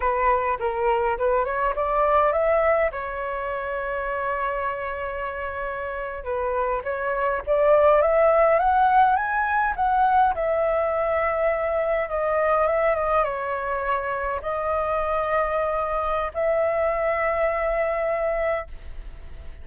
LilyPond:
\new Staff \with { instrumentName = "flute" } { \time 4/4 \tempo 4 = 103 b'4 ais'4 b'8 cis''8 d''4 | e''4 cis''2.~ | cis''2~ cis''8. b'4 cis''16~ | cis''8. d''4 e''4 fis''4 gis''16~ |
gis''8. fis''4 e''2~ e''16~ | e''8. dis''4 e''8 dis''8 cis''4~ cis''16~ | cis''8. dis''2.~ dis''16 | e''1 | }